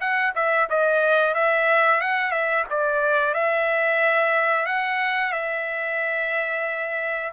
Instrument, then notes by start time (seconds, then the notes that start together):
trumpet
0.00 F#5
0.35 E5
0.69 D#5
1.34 E5
2.00 F#5
2.31 E5
2.70 D5
3.34 E5
4.65 F#5
5.32 E5